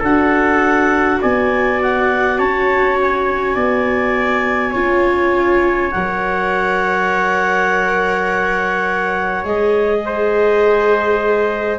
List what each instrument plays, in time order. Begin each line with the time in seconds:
0.00 tuba D4, viola F#4, trumpet A4, clarinet F#5
1.22 tuba B3, trumpet D5, clarinet G#5
1.82 clarinet F#5
2.38 tuba C#4, trumpet C#5, clarinet A5
3.01 clarinet G#5
3.55 tuba B3, trumpet D5
4.71 tuba C#4, viola F4, trumpet C#5
5.92 tuba F#3, viola A#4, clarinet F#5
9.44 tuba G#3, viola G#4, clarinet D#5
10.05 trumpet C5